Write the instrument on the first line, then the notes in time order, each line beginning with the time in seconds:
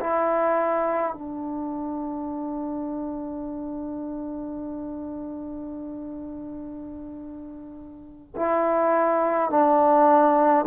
trombone
0.00 E4
1.13 D4
8.36 E4
9.50 D4